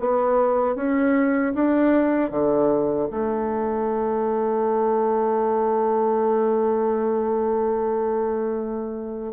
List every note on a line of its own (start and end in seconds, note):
0.00 0.76 B3
0.76 1.54 C#4
1.55 2.31 D4
2.31 3.09 D3
3.11 9.33 A3